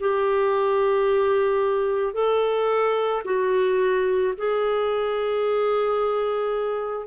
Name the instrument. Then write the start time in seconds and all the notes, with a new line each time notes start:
clarinet
0.00 G4
2.14 A4
3.25 F#4
4.37 G#4